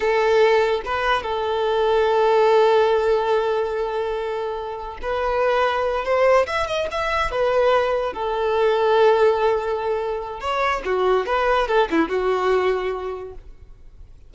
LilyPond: \new Staff \with { instrumentName = "violin" } { \time 4/4 \tempo 4 = 144 a'2 b'4 a'4~ | a'1~ | a'1 | b'2~ b'8 c''4 e''8 |
dis''8 e''4 b'2 a'8~ | a'1~ | a'4 cis''4 fis'4 b'4 | a'8 e'8 fis'2. | }